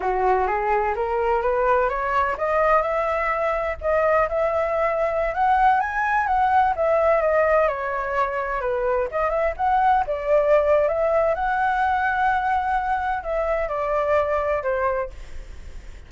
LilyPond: \new Staff \with { instrumentName = "flute" } { \time 4/4 \tempo 4 = 127 fis'4 gis'4 ais'4 b'4 | cis''4 dis''4 e''2 | dis''4 e''2~ e''16 fis''8.~ | fis''16 gis''4 fis''4 e''4 dis''8.~ |
dis''16 cis''2 b'4 dis''8 e''16~ | e''16 fis''4 d''4.~ d''16 e''4 | fis''1 | e''4 d''2 c''4 | }